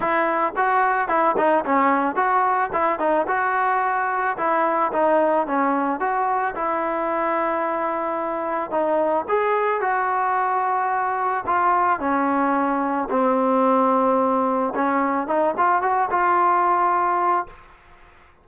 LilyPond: \new Staff \with { instrumentName = "trombone" } { \time 4/4 \tempo 4 = 110 e'4 fis'4 e'8 dis'8 cis'4 | fis'4 e'8 dis'8 fis'2 | e'4 dis'4 cis'4 fis'4 | e'1 |
dis'4 gis'4 fis'2~ | fis'4 f'4 cis'2 | c'2. cis'4 | dis'8 f'8 fis'8 f'2~ f'8 | }